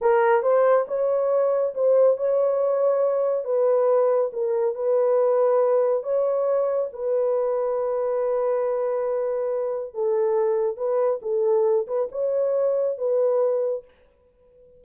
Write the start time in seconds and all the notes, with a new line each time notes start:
0.01 A#4
0.42 C5
0.87 C#5
1.74 C5
2.17 C#5
3.44 B4
4.32 A#4
4.74 B4
6.03 C#5
6.93 B4
9.94 A4
10.76 B4
11.22 A4
11.87 B4
12.11 C#5
12.98 B4